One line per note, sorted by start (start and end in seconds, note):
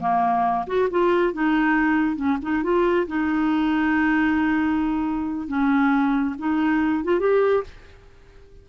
0.00 0.66 A#3
0.67 0.89 F#4
0.91 1.34 F4
1.34 2.16 D#4
2.16 2.38 C#4
2.42 2.63 D#4
2.63 3.07 F4
3.07 5.48 D#4
5.48 6.35 C#4
6.39 7.04 D#4
7.04 7.20 F4
7.20 7.64 G4